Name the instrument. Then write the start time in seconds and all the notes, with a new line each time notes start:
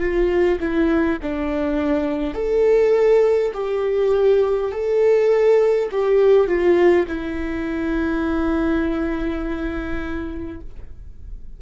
viola
0.00 F4
0.59 E4
1.22 D4
2.34 A4
3.54 G4
4.72 A4
5.91 G4
6.47 F4
7.07 E4